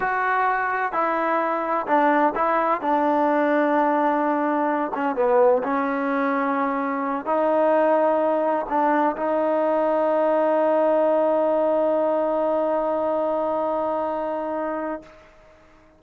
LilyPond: \new Staff \with { instrumentName = "trombone" } { \time 4/4 \tempo 4 = 128 fis'2 e'2 | d'4 e'4 d'2~ | d'2~ d'8 cis'8 b4 | cis'2.~ cis'8 dis'8~ |
dis'2~ dis'8 d'4 dis'8~ | dis'1~ | dis'1~ | dis'1 | }